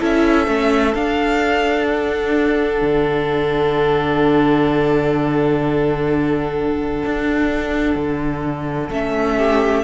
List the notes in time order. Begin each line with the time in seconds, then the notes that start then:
0.00 C#4 E4 A4 E5
0.46 A3 C#4
0.95 D4 F5
1.87 F#5
2.81 D3
7.05 D4
7.96 D3
8.90 A3 C#4 E5
9.37 G4